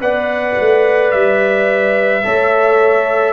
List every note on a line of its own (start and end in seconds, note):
0.00 0.56 B3
0.00 2.22 B4
0.00 2.23 D5
0.00 1.11 F#5
0.59 1.13 A3
1.11 2.24 G3
1.11 3.33 E5
2.23 3.33 A3
2.23 3.33 A4
2.23 3.33 C#5